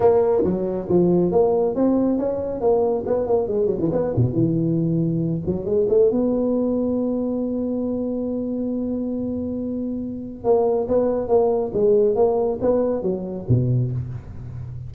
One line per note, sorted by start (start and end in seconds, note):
0.00 0.43 A#3
0.43 0.87 F#3
0.89 1.31 F3
1.31 1.75 A#3
1.75 2.18 C4
2.18 2.61 C#4
2.61 3.04 A#3
3.06 3.26 B3
3.26 3.47 A#3
3.47 3.66 G#3
3.66 3.77 F#3
3.79 3.90 E3
3.92 4.13 B3
4.16 4.33 B2
4.33 5.41 E3
5.46 5.65 F#3
5.65 5.87 G#3
5.89 6.10 A3
6.10 10.43 B3
10.43 10.87 A#3
10.88 11.28 B3
11.28 11.71 A#3
11.73 12.15 G#3
12.15 12.58 A#3
12.61 13.02 B3
13.02 13.45 F#3
13.48 13.91 B2